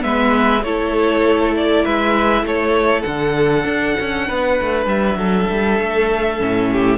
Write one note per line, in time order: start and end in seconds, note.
0.00 0.63 G#3
0.00 0.61 B3
0.00 0.65 B4
0.00 0.63 E5
0.63 1.85 A3
0.63 3.08 E4
0.63 1.84 A4
0.63 1.54 C#5
1.56 1.85 D5
1.84 2.43 G#3
1.84 2.45 B4
1.84 2.46 E5
2.43 3.04 A3
2.43 4.27 A4
2.43 3.02 C#5
3.02 3.65 D3
3.02 6.40 D4
3.02 4.84 F#5
3.65 3.95 D4
4.00 4.30 C#4
4.27 4.60 B3
4.27 5.18 B4
4.61 4.86 A3
4.86 5.16 G3
4.86 6.98 E5
5.16 5.46 F#3
5.16 6.70 A4
5.51 5.80 G3
5.80 6.41 A3
6.40 6.98 A2
6.40 6.98 C#4
6.72 6.98 G4